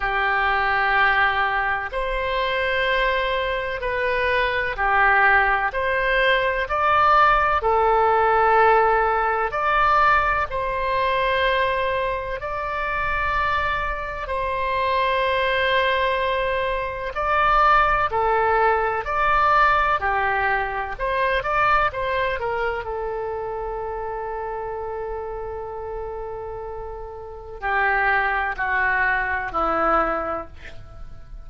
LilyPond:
\new Staff \with { instrumentName = "oboe" } { \time 4/4 \tempo 4 = 63 g'2 c''2 | b'4 g'4 c''4 d''4 | a'2 d''4 c''4~ | c''4 d''2 c''4~ |
c''2 d''4 a'4 | d''4 g'4 c''8 d''8 c''8 ais'8 | a'1~ | a'4 g'4 fis'4 e'4 | }